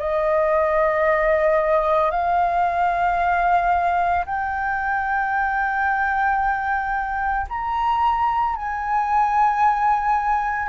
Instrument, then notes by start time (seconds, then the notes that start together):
flute
0.00 D#5
2.11 F5
4.26 G5
7.50 A#5
8.57 G#5